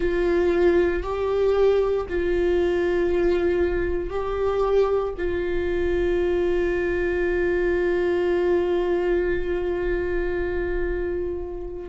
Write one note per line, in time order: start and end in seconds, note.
0.00 1.03 F4
1.03 2.06 G4
2.08 4.10 F4
4.10 5.13 G4
5.17 11.89 F4